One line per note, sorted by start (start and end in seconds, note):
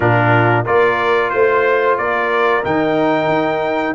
0.00 0.66 A#2
0.00 0.64 D4
0.00 0.64 F4
0.00 0.65 A#4
0.64 1.33 A#3
0.64 2.63 F4
0.64 1.30 A#4
0.64 1.30 D5
1.30 1.99 A3
1.30 1.95 C5
1.30 1.99 C5
1.97 2.65 A#3
1.97 3.94 A#4
1.97 2.63 D5
2.63 3.27 D#3
2.63 3.94 D#4
2.63 3.94 G5
3.27 3.93 D#4